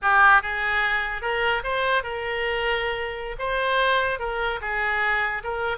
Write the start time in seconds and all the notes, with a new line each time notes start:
0.02 G4
0.42 G#4
1.21 A#4
1.63 C5
2.03 A#4
3.39 C5
4.19 A#4
4.61 G#4
5.43 A#4